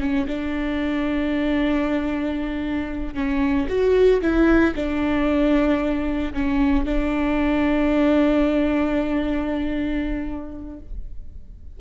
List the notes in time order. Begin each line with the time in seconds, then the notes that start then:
0.00 C#4
0.27 D4
3.14 C#4
3.68 F#4
4.22 E4
4.75 D4
6.33 C#4
6.85 D4